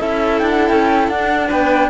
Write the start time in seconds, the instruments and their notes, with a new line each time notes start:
0.00 cello C#4 E4, violin A4, flute E5
0.39 cello D4, flute G5
0.49 flute F#5
0.69 cello C#4, flute G5
1.08 cello D4, flute F#5
1.48 cello B3, violin B4, flute G5